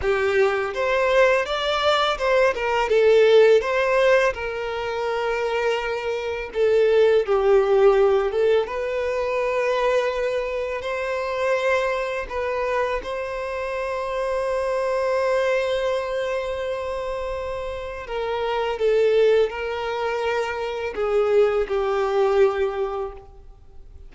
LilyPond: \new Staff \with { instrumentName = "violin" } { \time 4/4 \tempo 4 = 83 g'4 c''4 d''4 c''8 ais'8 | a'4 c''4 ais'2~ | ais'4 a'4 g'4. a'8 | b'2. c''4~ |
c''4 b'4 c''2~ | c''1~ | c''4 ais'4 a'4 ais'4~ | ais'4 gis'4 g'2 | }